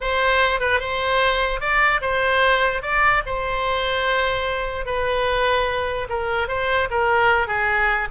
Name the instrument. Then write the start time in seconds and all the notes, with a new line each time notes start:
oboe
0.00 C5
0.60 B4
0.80 C5
1.60 D5
2.01 C5
2.82 D5
3.25 C5
4.85 B4
6.09 A#4
6.48 C5
6.90 A#4
7.47 G#4